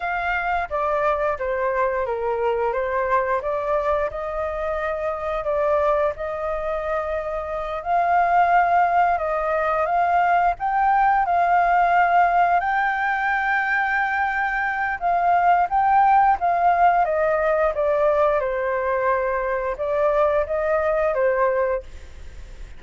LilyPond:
\new Staff \with { instrumentName = "flute" } { \time 4/4 \tempo 4 = 88 f''4 d''4 c''4 ais'4 | c''4 d''4 dis''2 | d''4 dis''2~ dis''8 f''8~ | f''4. dis''4 f''4 g''8~ |
g''8 f''2 g''4.~ | g''2 f''4 g''4 | f''4 dis''4 d''4 c''4~ | c''4 d''4 dis''4 c''4 | }